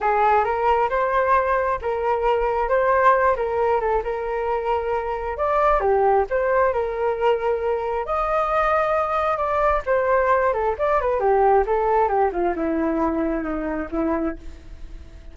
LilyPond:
\new Staff \with { instrumentName = "flute" } { \time 4/4 \tempo 4 = 134 gis'4 ais'4 c''2 | ais'2 c''4. ais'8~ | ais'8 a'8 ais'2. | d''4 g'4 c''4 ais'4~ |
ais'2 dis''2~ | dis''4 d''4 c''4. a'8 | d''8 b'8 g'4 a'4 g'8 f'8 | e'2 dis'4 e'4 | }